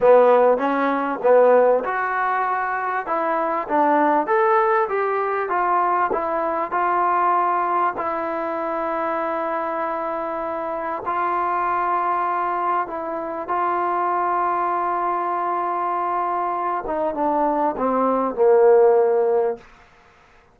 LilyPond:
\new Staff \with { instrumentName = "trombone" } { \time 4/4 \tempo 4 = 98 b4 cis'4 b4 fis'4~ | fis'4 e'4 d'4 a'4 | g'4 f'4 e'4 f'4~ | f'4 e'2.~ |
e'2 f'2~ | f'4 e'4 f'2~ | f'2.~ f'8 dis'8 | d'4 c'4 ais2 | }